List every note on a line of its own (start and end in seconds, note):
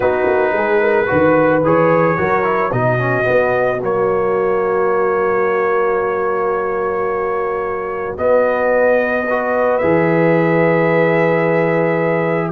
0.00 0.26 B3
0.00 1.06 D#4
0.00 0.54 F#4
0.00 1.62 B4
0.26 0.52 A#3
0.52 1.06 G#3
0.52 0.81 G#4
0.81 1.08 A#4
1.06 1.63 D#3
1.06 1.61 F#4
1.06 2.19 B4
1.63 2.17 E3
1.63 2.17 G#4
1.63 2.72 C#5
2.17 2.72 F#3
2.17 2.43 F#4
2.17 2.72 A#4
2.43 2.71 E4
2.72 3.26 B2
2.72 2.98 D#4
2.72 9.26 F#4
2.72 3.81 D#5
2.98 3.23 C#4
3.23 3.77 B3
3.23 3.82 B3
3.82 8.18 F#3
3.82 8.17 A#3
3.82 8.17 C#5
8.17 9.27 B3
8.17 9.81 B3
8.17 9.77 D#5
9.27 9.81 F#4
9.27 12.51 B4
9.77 12.51 E3
9.77 12.51 G#4
9.77 12.50 E5